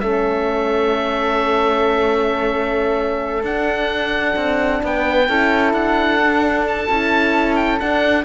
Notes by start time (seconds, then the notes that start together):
0.00 A3 C#4 A4 E5
3.43 D4 F#5
4.36 C4
4.83 B3 B4 G5
5.28 C#4 E4 A4
5.74 D4 F#5
6.21 D4
6.68 A5
6.89 C#4 E4
7.56 G5
7.80 D4 F#5